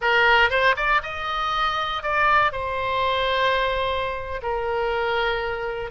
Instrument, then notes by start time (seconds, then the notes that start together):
oboe
0.01 A#4
0.50 C5
0.76 D5
1.02 D#5
2.02 D5
2.52 C5
4.42 A#4